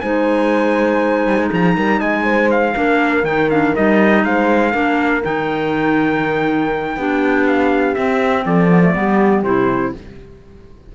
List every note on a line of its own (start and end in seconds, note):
0.00 1.26 G#3
0.00 2.74 D#4
0.00 1.50 C5
0.00 1.49 G#5
1.27 1.38 G3
1.38 1.50 G#3
1.50 1.77 F3
1.50 1.75 G#4
1.50 2.00 A#5
1.75 2.00 G3
1.75 1.98 A#4
1.98 2.74 G#3
1.98 2.23 D#5
1.98 2.49 G#5
2.23 2.73 C5
2.50 3.24 F5
2.74 3.23 A#3
2.74 3.24 D4
2.74 4.25 A#4
3.23 3.73 D#3
3.23 3.49 D#4
3.23 3.49 G5
3.50 3.74 D4
3.50 3.75 F5
3.75 4.24 G3
3.75 4.72 D#4
3.75 4.24 D#5
4.24 4.73 G#3
4.24 4.71 C5
4.24 5.23 F5
4.71 5.23 A#3
4.71 5.21 D4
4.71 6.95 A#4
5.23 6.96 D#3
5.23 6.96 D#4
5.23 7.47 G5
6.96 7.95 B3
6.96 7.96 D4
6.96 8.45 G4
7.47 7.94 F5
7.94 8.68 C4
7.94 8.45 C4
7.94 8.44 E5
8.45 8.95 F3
8.45 8.95 A4
8.45 9.43 D5
8.68 8.80 B3
8.81 8.93 A3
8.93 9.43 G3
8.93 9.43 B3
8.93 9.95 G4
9.43 9.92 C3
9.43 9.94 E4
9.43 9.93 C5